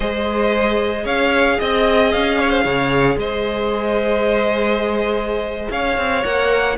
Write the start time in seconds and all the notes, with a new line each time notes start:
0.00 G#3 G#4 C5 D#5
1.04 C#4 C#5 F5
1.59 C4 D#5
2.11 C#4 F5
2.39 C#5
2.49 C5
2.63 C#3 C#5
3.15 G#3 C5 D#5
5.70 C#4 C#5 F5
5.97 C4
6.24 A#3 A#4 F#5